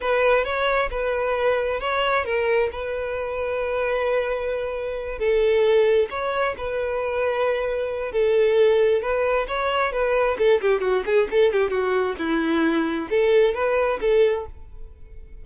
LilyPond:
\new Staff \with { instrumentName = "violin" } { \time 4/4 \tempo 4 = 133 b'4 cis''4 b'2 | cis''4 ais'4 b'2~ | b'2.~ b'8 a'8~ | a'4. cis''4 b'4.~ |
b'2 a'2 | b'4 cis''4 b'4 a'8 g'8 | fis'8 gis'8 a'8 g'8 fis'4 e'4~ | e'4 a'4 b'4 a'4 | }